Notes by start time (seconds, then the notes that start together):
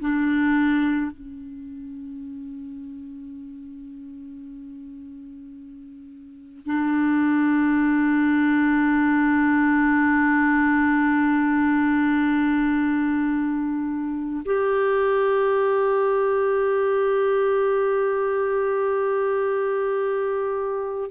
0.00 D4
1.11 C#4
6.66 D4
14.45 G4